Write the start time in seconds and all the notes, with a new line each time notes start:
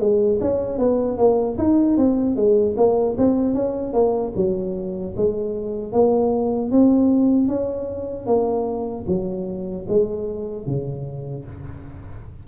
0.00 G#3
0.41 C#4
0.79 B3
1.18 A#3
1.58 D#4
1.97 C4
2.36 G#3
2.77 A#3
3.18 C4
3.55 C#4
3.94 A#3
4.36 F#3
5.17 G#3
5.93 A#3
6.71 C4
7.48 C#4
8.27 A#3
9.08 F#3
9.89 G#3
10.67 C#3